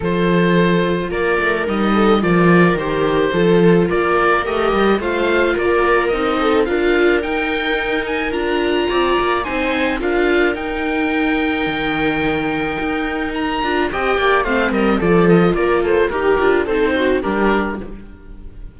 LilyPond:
<<
  \new Staff \with { instrumentName = "oboe" } { \time 4/4 \tempo 4 = 108 c''2 d''4 dis''4 | d''4 c''2 d''4 | dis''4 f''4 d''4 dis''4 | f''4 g''4. gis''8 ais''4~ |
ais''4 gis''4 f''4 g''4~ | g''1 | ais''4 g''4 f''8 dis''8 d''8 dis''8 | d''8 c''8 ais'4 c''4 ais'4 | }
  \new Staff \with { instrumentName = "viola" } { \time 4/4 a'2 ais'4. a'8 | ais'2 a'4 ais'4~ | ais'4 c''4 ais'4. a'8 | ais'1 |
d''4 c''4 ais'2~ | ais'1~ | ais'4 dis''8 d''8 c''8 ais'8 a'4 | ais'8 a'8 g'4 a'8 fis'8 g'4 | }
  \new Staff \with { instrumentName = "viola" } { \time 4/4 f'2. dis'4 | f'4 g'4 f'2 | g'4 f'2 dis'4 | f'4 dis'2 f'4~ |
f'4 dis'4 f'4 dis'4~ | dis'1~ | dis'8 f'8 g'4 c'4 f'4~ | f'4 g'8 f'8 dis'4 d'4 | }
  \new Staff \with { instrumentName = "cello" } { \time 4/4 f2 ais8 a8 g4 | f4 dis4 f4 ais4 | a8 g8 a4 ais4 c'4 | d'4 dis'2 d'4 |
c'8 ais8 c'4 d'4 dis'4~ | dis'4 dis2 dis'4~ | dis'8 d'8 c'8 ais8 a8 g8 f4 | ais4 dis'8 d'8 c'4 g4 | }
>>